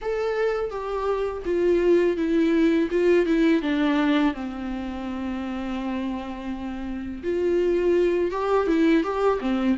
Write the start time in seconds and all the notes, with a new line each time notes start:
0.01 A4
0.70 G4
1.45 F4
2.16 E4
2.90 F4
3.26 E4
3.61 D4
4.33 C4
7.23 F4
8.31 G4
8.67 E4
9.03 G4
9.40 C4